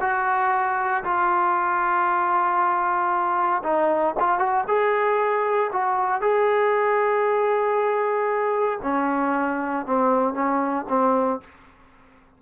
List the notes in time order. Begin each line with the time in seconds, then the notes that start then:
0.00 F#4
1.04 F4
3.63 D#4
4.19 F4
4.38 F#4
4.67 G#4
5.72 F#4
6.21 G#4
8.82 C#4
9.86 C4
10.34 C#4
10.88 C4